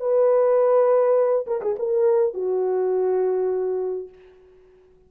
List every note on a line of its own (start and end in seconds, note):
0.00 1.46 B4
1.46 1.61 A#4
1.61 1.76 G#4
1.78 2.34 A#4
2.34 4.09 F#4